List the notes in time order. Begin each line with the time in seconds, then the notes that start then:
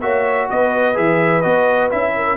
0.00 A#3 F#4 C#5 E5
0.50 B3 B4 D#5
0.94 E3 G#4 E5
1.41 B3 F#4 D#5
1.90 C#4 E4 E5
2.15 A#4